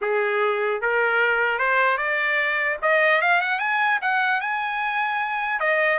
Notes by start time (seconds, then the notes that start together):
0.01 G#4
0.81 A#4
1.58 C5
1.97 D5
2.81 D#5
3.21 F5
3.41 F#5
3.59 G#5
4.01 F#5
4.41 G#5
5.59 D#5